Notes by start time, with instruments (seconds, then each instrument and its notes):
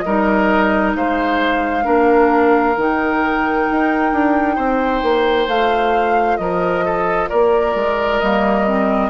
0.00 bassoon G3, clarinet D#4, oboe A#4, flute D#5
0.95 bassoon G#3, oboe C5, flute F5
1.83 bassoon A#3, clarinet D4, oboe A#4
2.77 bassoon D#3, clarinet D#4, flute G5
3.71 bassoon D#4
4.12 bassoon D4
4.55 bassoon C4, oboe C5
5.02 bassoon A#3
5.48 bassoon A3, clarinet F4, flute F5
6.37 bassoon F3, oboe A#4, flute D#5
6.85 oboe A4
7.29 bassoon A#3, oboe A#4, flute D5
7.75 bassoon G#3
8.19 bassoon G3, clarinet A#3, flute D#5
8.66 clarinet C4